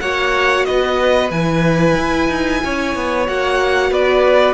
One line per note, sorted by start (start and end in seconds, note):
0.00 0.66 A#3
0.00 1.31 F#4
0.00 0.66 C#5
0.00 0.65 F#5
0.65 1.30 B3
0.65 2.63 B4
0.65 1.30 D#5
1.30 1.95 E3
1.30 3.26 E4
1.30 3.26 G#5
1.97 2.28 E4
2.28 2.60 D#4
2.63 2.95 C#4
2.63 3.91 C#5
2.95 3.28 B3
3.26 3.91 A#3
3.26 4.53 F#4
3.26 3.93 F#5
3.91 4.53 B3
3.91 4.53 B4
3.91 4.53 D5